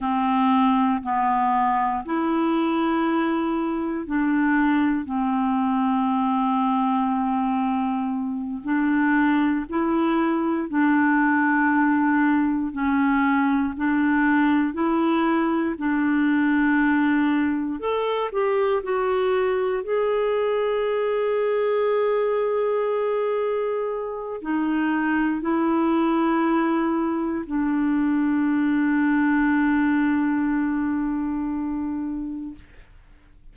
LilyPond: \new Staff \with { instrumentName = "clarinet" } { \time 4/4 \tempo 4 = 59 c'4 b4 e'2 | d'4 c'2.~ | c'8 d'4 e'4 d'4.~ | d'8 cis'4 d'4 e'4 d'8~ |
d'4. a'8 g'8 fis'4 gis'8~ | gis'1 | dis'4 e'2 d'4~ | d'1 | }